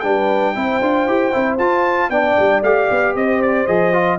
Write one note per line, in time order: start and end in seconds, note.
0.00 0.56 G3
0.00 0.55 D4
0.00 0.55 B4
0.00 1.57 G5
0.55 0.81 C4
0.55 0.81 E4
0.55 2.11 C5
0.81 1.07 D4
0.81 1.08 F4
1.07 1.33 E4
1.07 1.33 G4
1.33 1.59 C4
1.33 1.59 E4
1.58 2.10 F4
1.58 2.12 F4
1.58 2.10 A5
2.10 2.36 B3
2.10 2.64 D4
2.10 3.16 D5
2.10 2.63 G5
2.39 2.63 G3
2.63 2.89 A3
2.63 3.67 G4
2.63 3.16 F5
2.91 3.16 B3
3.16 3.68 C4
3.16 4.19 C5
3.16 3.42 D#5
3.42 3.67 D5
3.67 4.19 F3
3.67 3.93 G#4
3.67 4.19 D#5
3.93 4.19 F4